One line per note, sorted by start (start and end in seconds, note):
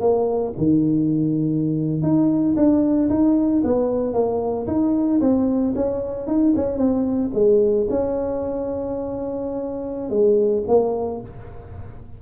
0.00 0.53 A#3
0.57 2.02 D#3
2.02 2.55 D#4
2.56 3.09 D4
3.09 3.62 D#4
3.63 4.13 B3
4.13 4.66 A#3
4.67 5.20 D#4
5.20 5.73 C4
5.75 6.27 C#4
6.27 6.53 D#4
6.55 6.77 C#4
6.77 7.30 C4
7.33 7.87 G#3
7.89 10.10 C#4
10.10 10.63 G#3
10.67 11.20 A#3